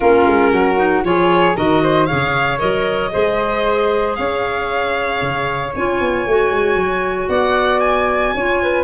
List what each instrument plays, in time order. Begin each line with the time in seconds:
0.00 tuba A#3, clarinet C#4, flute F4, violin A#4
0.26 tuba G#3
0.51 tuba F#3, flute F#4
0.76 clarinet D#4
1.03 tuba F3, clarinet F4, flute G#4, violin C#5
1.55 tuba D#3, clarinet F#4, flute A#4, violin D#5
1.82 flute C5
2.06 tuba C#3, clarinet G#4, flute C#5, violin F5
2.58 tuba F#3, clarinet A#4, violin D#5
3.11 tuba G#3, clarinet G#4, flute C5
4.15 tuba C#4, flute C#5, violin F5
5.21 tuba C#3
5.75 tuba C#4, clarinet F4, violin G#5
6.00 tuba B3
6.26 tuba A3, clarinet F#4
6.51 tuba G#3
6.75 tuba F#3
7.28 tuba B3, flute D5, violin F#5
7.79 violin G#5
8.34 tuba C#4, clarinet F4, flute C#5
8.62 flute B4